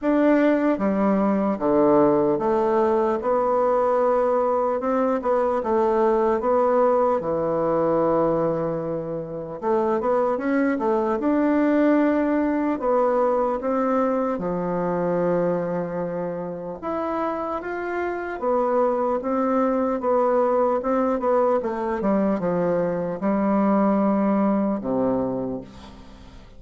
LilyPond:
\new Staff \with { instrumentName = "bassoon" } { \time 4/4 \tempo 4 = 75 d'4 g4 d4 a4 | b2 c'8 b8 a4 | b4 e2. | a8 b8 cis'8 a8 d'2 |
b4 c'4 f2~ | f4 e'4 f'4 b4 | c'4 b4 c'8 b8 a8 g8 | f4 g2 c4 | }